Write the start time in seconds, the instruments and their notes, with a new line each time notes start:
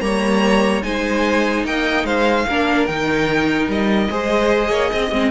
0.00 cello G3, viola A#3, violin C#5 A#5
0.82 cello G#3, viola D#4, violin C5 G#5
1.64 cello A#3, violin D#5 G5
2.04 cello G#3, violin C5 F5
2.48 cello A#3, viola D4, violin A#4
2.86 cello D#3, viola D#4, violin G5
3.67 cello G3, violin D#5
4.10 cello G#3, viola G#4, violin C5
4.70 cello A#3, violin C#5
4.91 cello C4, violin D#5
5.11 cello G#3, viola C4